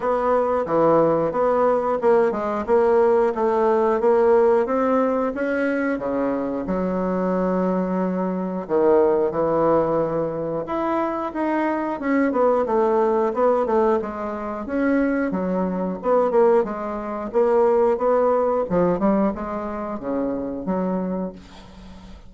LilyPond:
\new Staff \with { instrumentName = "bassoon" } { \time 4/4 \tempo 4 = 90 b4 e4 b4 ais8 gis8 | ais4 a4 ais4 c'4 | cis'4 cis4 fis2~ | fis4 dis4 e2 |
e'4 dis'4 cis'8 b8 a4 | b8 a8 gis4 cis'4 fis4 | b8 ais8 gis4 ais4 b4 | f8 g8 gis4 cis4 fis4 | }